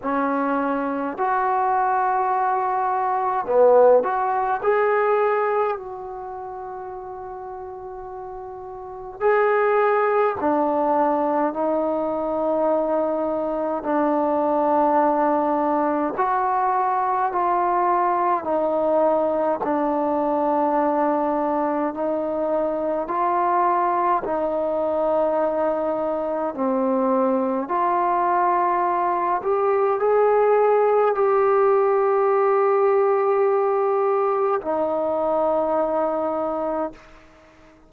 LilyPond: \new Staff \with { instrumentName = "trombone" } { \time 4/4 \tempo 4 = 52 cis'4 fis'2 b8 fis'8 | gis'4 fis'2. | gis'4 d'4 dis'2 | d'2 fis'4 f'4 |
dis'4 d'2 dis'4 | f'4 dis'2 c'4 | f'4. g'8 gis'4 g'4~ | g'2 dis'2 | }